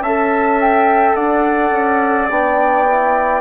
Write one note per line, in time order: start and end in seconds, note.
0.00 1.13 C#4
0.00 1.16 E5
0.00 0.59 A5
0.06 2.30 A4
0.61 1.15 G5
1.15 1.71 D4
1.15 3.41 D5
1.15 2.28 F#5
1.71 2.28 C#4
2.30 3.41 B3
2.30 2.87 D4
2.30 3.41 G5
2.88 3.41 E4